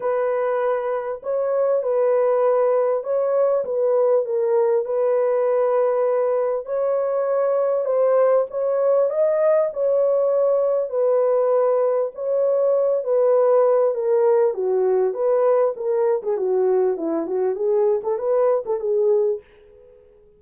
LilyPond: \new Staff \with { instrumentName = "horn" } { \time 4/4 \tempo 4 = 99 b'2 cis''4 b'4~ | b'4 cis''4 b'4 ais'4 | b'2. cis''4~ | cis''4 c''4 cis''4 dis''4 |
cis''2 b'2 | cis''4. b'4. ais'4 | fis'4 b'4 ais'8. gis'16 fis'4 | e'8 fis'8 gis'8. a'16 b'8. a'16 gis'4 | }